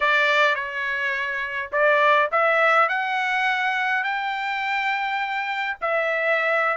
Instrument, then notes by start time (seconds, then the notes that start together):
trumpet
0.00 D5
0.55 C#5
1.72 D5
2.31 E5
2.88 F#5
4.03 G5
5.81 E5